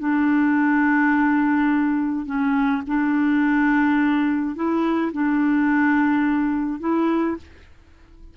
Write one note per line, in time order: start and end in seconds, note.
0.00 2.26 D4
2.26 2.83 C#4
2.87 4.56 D4
4.56 5.12 E4
5.13 6.81 D4
6.81 7.37 E4